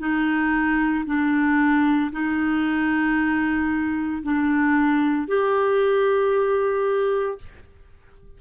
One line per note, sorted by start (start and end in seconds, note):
0.00 1.05 D#4
1.06 2.11 D4
2.12 4.23 D#4
4.23 5.28 D4
5.28 7.39 G4